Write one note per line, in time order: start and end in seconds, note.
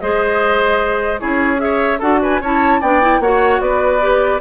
0.00 1.22 G#3
0.00 1.20 G#4
0.00 1.21 C5
0.00 1.20 D#5
1.20 2.01 C#4
1.20 1.58 E4
1.20 1.61 G#4
1.20 1.60 C#5
1.58 1.98 G#4
1.58 2.00 E5
1.64 1.99 C#5
1.99 2.41 D4
1.99 2.42 F#4
1.99 2.19 A4
1.99 2.21 F#5
2.22 2.41 B4
2.22 2.43 G#5
2.41 2.81 C#4
2.41 2.83 E4
2.41 2.81 C#5
2.41 2.82 A5
2.81 3.20 B3
2.81 3.02 D4
2.81 3.21 D5
2.81 3.22 G5
3.02 3.22 E4
3.20 3.60 A#3
3.20 4.01 F#4
3.20 3.62 C#5
3.20 3.61 F#5
3.61 4.41 B3
3.61 4.41 B4
3.61 4.41 D5
4.01 4.41 G4